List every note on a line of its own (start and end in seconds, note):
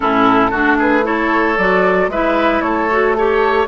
0.00 0.52 A2
0.00 0.51 C#4
0.00 0.50 E4
0.00 0.79 A4
0.50 1.57 A3
0.50 1.03 D4
0.50 0.77 F#4
0.78 1.04 G#4
0.78 1.05 B4
1.03 1.55 E4
1.03 2.11 A4
1.03 1.57 C#5
1.57 2.08 F#3
1.57 2.11 F#4
1.57 2.10 D5
2.08 2.60 G#3
2.08 2.90 E4
2.08 2.63 B4
2.08 2.61 E5
2.61 3.66 A3
2.61 3.16 A4
2.61 3.14 C#5
2.90 3.16 F#4
3.14 3.68 G4
3.14 3.66 A4
3.14 3.68 C#5